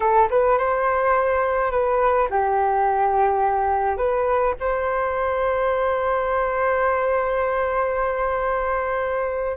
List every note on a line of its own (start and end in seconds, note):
0.00 0.29 A4
0.30 0.58 B4
0.58 1.71 C5
1.71 2.28 B4
2.29 3.97 G4
3.97 4.54 B4
4.59 9.57 C5